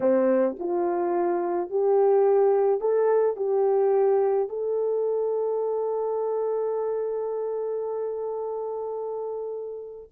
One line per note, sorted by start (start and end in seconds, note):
0.00 0.56 C4
0.59 1.70 F4
1.70 2.80 G4
2.80 3.36 A4
3.36 4.48 G4
4.49 10.09 A4